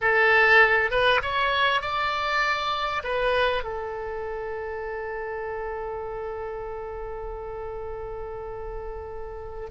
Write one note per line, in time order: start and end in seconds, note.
0.01 0.90 A4
0.90 1.21 B4
1.22 1.81 C#5
1.81 3.02 D5
3.03 3.63 B4
3.63 9.69 A4